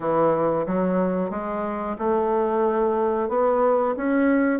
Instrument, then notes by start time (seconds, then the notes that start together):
bassoon
0.00 E3
0.66 F#3
1.30 G#3
1.98 A3
3.28 B3
3.97 C#4